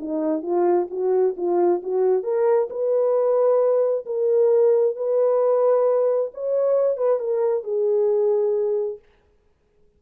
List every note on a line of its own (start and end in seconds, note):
0.00 0.43 D#4
0.43 0.88 F4
0.90 1.36 F#4
1.37 1.82 F4
1.83 2.24 F#4
2.24 2.69 A#4
2.70 4.06 B4
4.06 4.96 A#4
4.96 6.31 B4
6.34 6.98 C#5
6.98 7.20 B4
7.20 7.64 A#4
7.64 8.99 G#4